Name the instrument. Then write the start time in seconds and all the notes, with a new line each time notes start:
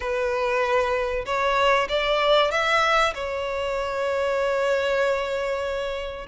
violin
0.00 B4
1.25 C#5
1.88 D5
2.51 E5
3.14 C#5